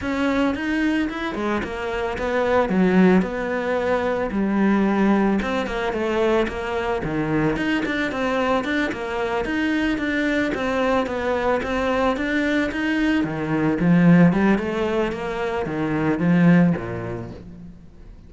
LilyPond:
\new Staff \with { instrumentName = "cello" } { \time 4/4 \tempo 4 = 111 cis'4 dis'4 e'8 gis8 ais4 | b4 fis4 b2 | g2 c'8 ais8 a4 | ais4 dis4 dis'8 d'8 c'4 |
d'8 ais4 dis'4 d'4 c'8~ | c'8 b4 c'4 d'4 dis'8~ | dis'8 dis4 f4 g8 a4 | ais4 dis4 f4 ais,4 | }